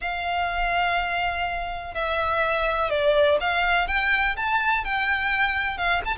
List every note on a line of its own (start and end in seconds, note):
0.01 1.94 F5
1.94 2.90 E5
2.90 3.38 D5
3.40 3.87 F5
3.87 4.36 G5
4.36 4.84 A5
4.84 5.77 G5
5.77 6.01 F5
6.05 6.17 A5